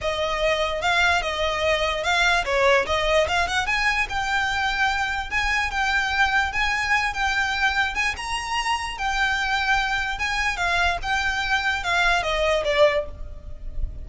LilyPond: \new Staff \with { instrumentName = "violin" } { \time 4/4 \tempo 4 = 147 dis''2 f''4 dis''4~ | dis''4 f''4 cis''4 dis''4 | f''8 fis''8 gis''4 g''2~ | g''4 gis''4 g''2 |
gis''4. g''2 gis''8 | ais''2 g''2~ | g''4 gis''4 f''4 g''4~ | g''4 f''4 dis''4 d''4 | }